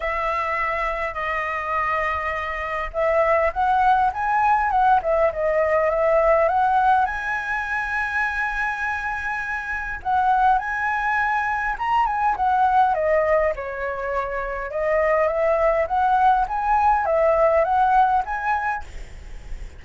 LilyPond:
\new Staff \with { instrumentName = "flute" } { \time 4/4 \tempo 4 = 102 e''2 dis''2~ | dis''4 e''4 fis''4 gis''4 | fis''8 e''8 dis''4 e''4 fis''4 | gis''1~ |
gis''4 fis''4 gis''2 | ais''8 gis''8 fis''4 dis''4 cis''4~ | cis''4 dis''4 e''4 fis''4 | gis''4 e''4 fis''4 gis''4 | }